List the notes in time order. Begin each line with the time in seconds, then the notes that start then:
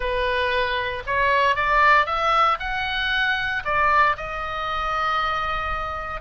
0.00 B4
1.06 C#5
1.55 D5
2.06 E5
2.59 F#5
3.64 D5
4.16 D#5